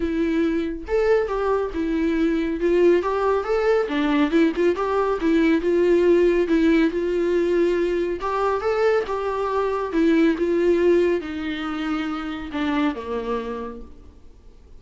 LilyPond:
\new Staff \with { instrumentName = "viola" } { \time 4/4 \tempo 4 = 139 e'2 a'4 g'4 | e'2 f'4 g'4 | a'4 d'4 e'8 f'8 g'4 | e'4 f'2 e'4 |
f'2. g'4 | a'4 g'2 e'4 | f'2 dis'2~ | dis'4 d'4 ais2 | }